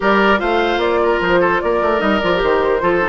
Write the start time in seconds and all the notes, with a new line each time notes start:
0.00 G3 G4 A#4 D5
0.37 A3 F4 C5 F5
0.77 A#3 D5
1.02 A#4
1.21 F3 C5
1.40 A4
1.61 A#3 A#4 D5
1.81 A3
1.98 G3 D#4 D#5
2.20 F3 F4 D5
2.34 G4
2.42 D#3 C5
2.80 F3 F4 A4
3.01 D#4